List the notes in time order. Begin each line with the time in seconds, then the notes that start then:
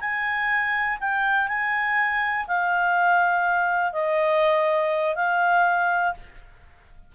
0.00 G#5
1.00 G5
1.48 G#5
2.47 F5
3.93 D#5
5.15 F5